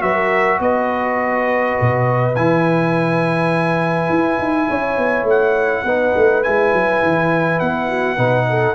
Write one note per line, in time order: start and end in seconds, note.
0.00 0.60 F#3
0.00 2.33 F#4
0.00 0.16 B4
0.00 0.60 E5
0.16 0.60 A#4
0.60 1.76 B3
0.60 4.69 B4
0.60 2.36 D#5
1.81 2.37 B2
2.36 4.10 E3
2.36 5.87 E4
2.36 5.27 G#5
4.10 4.39 E4
4.39 4.68 D#4
4.69 4.98 C#4
4.69 5.84 C#5
4.98 5.24 B3
5.24 5.82 A3
5.24 6.43 F#5
5.84 6.14 B3
5.84 6.44 D#4
5.84 7.88 B4
6.17 6.46 A3
6.43 6.73 G#3
6.43 8.18 E4
6.43 7.60 G#5
6.73 7.03 F#3
7.03 7.61 E3
7.60 8.18 B3
7.60 8.75 F#5
7.89 8.17 F#4
8.17 8.75 B2
8.17 8.75 D#4
8.17 8.46 B4
8.50 8.75 A4